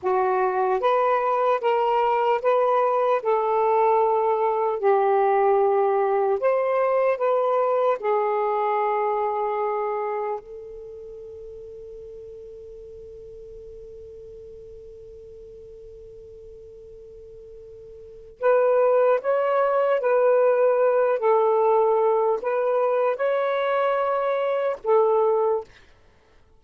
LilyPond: \new Staff \with { instrumentName = "saxophone" } { \time 4/4 \tempo 4 = 75 fis'4 b'4 ais'4 b'4 | a'2 g'2 | c''4 b'4 gis'2~ | gis'4 a'2.~ |
a'1~ | a'2. b'4 | cis''4 b'4. a'4. | b'4 cis''2 a'4 | }